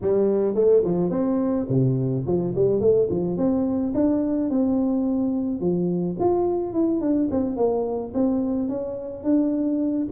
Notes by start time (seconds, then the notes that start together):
0.01 G3
0.55 A3
0.84 F3
1.10 C4
1.69 C3
2.26 F3
2.55 G3
2.80 A3
3.10 F3
3.37 C4
3.94 D4
4.50 C4
5.60 F3
6.19 F4
6.73 E4
7.00 D4
7.30 C4
7.56 A#3
8.13 C4
8.68 C#4
9.23 D4